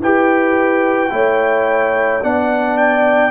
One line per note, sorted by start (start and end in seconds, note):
0.00 1.11 E4
0.00 1.10 G4
0.00 1.13 B4
0.00 2.24 G5
1.10 2.23 A3
1.10 2.21 E4
1.10 2.24 C#5
2.23 3.31 B3
2.23 3.31 D4
2.23 3.31 D5
2.23 2.77 F#5
2.77 3.31 G5